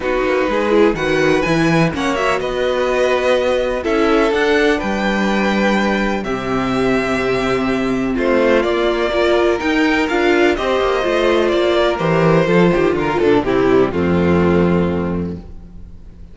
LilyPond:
<<
  \new Staff \with { instrumentName = "violin" } { \time 4/4 \tempo 4 = 125 b'2 fis''4 gis''4 | fis''8 e''8 dis''2. | e''4 fis''4 g''2~ | g''4 e''2.~ |
e''4 c''4 d''2 | g''4 f''4 dis''2 | d''4 c''2 ais'8 a'8 | g'4 f'2. | }
  \new Staff \with { instrumentName = "violin" } { \time 4/4 fis'4 gis'4 b'2 | cis''4 b'2. | a'2 b'2~ | b'4 g'2.~ |
g'4 f'2 ais'4~ | ais'2 c''2~ | c''8 ais'4. a'8 g'8 f'8 d'8 | e'4 c'2. | }
  \new Staff \with { instrumentName = "viola" } { \time 4/4 dis'4. e'8 fis'4 e'4 | cis'8 fis'2.~ fis'8 | e'4 d'2.~ | d'4 c'2.~ |
c'2 ais4 f'4 | dis'4 f'4 g'4 f'4~ | f'4 g'4 f'2 | c'8 g8 a2. | }
  \new Staff \with { instrumentName = "cello" } { \time 4/4 b8 ais8 gis4 dis4 e4 | ais4 b2. | cis'4 d'4 g2~ | g4 c2.~ |
c4 a4 ais2 | dis'4 d'4 c'8 ais8 a4 | ais4 e4 f8 dis8 d8 ais,8 | c4 f,2. | }
>>